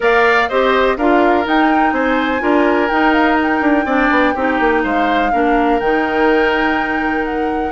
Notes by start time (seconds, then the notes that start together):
0.00 A#3 A#4 D5 F5
0.48 C4 G4 C5 D#5
0.97 D4 F4 A#4 F5
1.44 D#4 G5
1.92 C4 C5 G#5
2.39 D4 F4 A#4
2.89 D#4 G5
3.13 F5
3.42 G5
3.61 D4
3.85 C4 D4 D5
4.10 B3
4.34 C4 D#4 G4
4.59 A#3
4.83 G#3 C5 F5
5.32 A#3 D4 A#4
5.79 D#3 D#4 G5
7.24 F#5